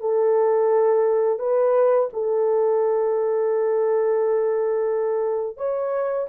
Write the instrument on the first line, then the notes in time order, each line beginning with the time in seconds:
horn
0.00 A4
1.39 B4
2.12 A4
5.57 C#5